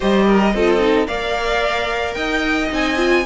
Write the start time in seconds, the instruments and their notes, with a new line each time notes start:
0.00 cello G3, viola G4, violin C5 D#5
0.26 violin A#4
0.53 cello C4, viola F4, violin A4
0.80 viola D#4
1.07 cello A#3, viola A#4, violin D5 F5
2.13 cello D#4, violin D#5 G5
2.69 cello C4, viola D#4, violin G#5
2.96 viola F4